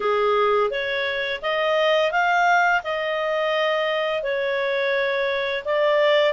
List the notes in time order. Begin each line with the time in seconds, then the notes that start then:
0.00 G#4
0.70 C#5
1.41 D#5
2.11 F5
2.83 D#5
4.22 C#5
5.64 D5